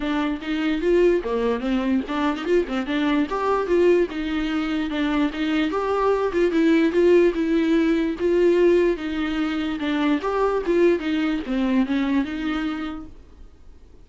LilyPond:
\new Staff \with { instrumentName = "viola" } { \time 4/4 \tempo 4 = 147 d'4 dis'4 f'4 ais4 | c'4 d'8. dis'16 f'8 c'8 d'4 | g'4 f'4 dis'2 | d'4 dis'4 g'4. f'8 |
e'4 f'4 e'2 | f'2 dis'2 | d'4 g'4 f'4 dis'4 | c'4 cis'4 dis'2 | }